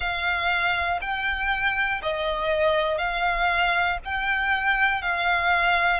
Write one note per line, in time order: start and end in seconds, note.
0.00 1.00 F5
1.00 2.00 G5
2.02 2.98 D#5
2.98 3.98 F5
4.05 5.01 G5
5.01 6.00 F5